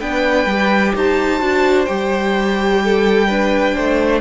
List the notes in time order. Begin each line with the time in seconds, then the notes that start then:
0.00 B3 D4 B4 G5
0.46 G3 G4
0.96 D#4 C5 A5
1.40 D4 F#4
1.86 G3 G4 G5
2.84 A4
3.28 D4 B4
3.75 A3 C5